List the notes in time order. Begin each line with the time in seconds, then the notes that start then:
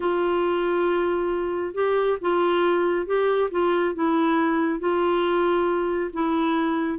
0.00 F4
1.74 G4
2.21 F4
3.06 G4
3.50 F4
3.95 E4
4.79 F4
6.13 E4